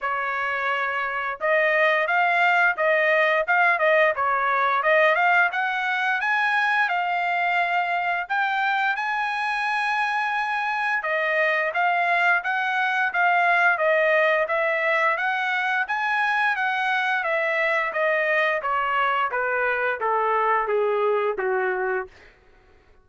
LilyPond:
\new Staff \with { instrumentName = "trumpet" } { \time 4/4 \tempo 4 = 87 cis''2 dis''4 f''4 | dis''4 f''8 dis''8 cis''4 dis''8 f''8 | fis''4 gis''4 f''2 | g''4 gis''2. |
dis''4 f''4 fis''4 f''4 | dis''4 e''4 fis''4 gis''4 | fis''4 e''4 dis''4 cis''4 | b'4 a'4 gis'4 fis'4 | }